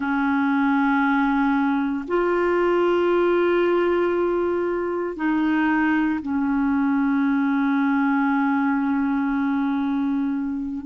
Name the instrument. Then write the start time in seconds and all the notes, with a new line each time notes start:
clarinet
0.00 C#4
2.07 F4
5.16 D#4
6.22 C#4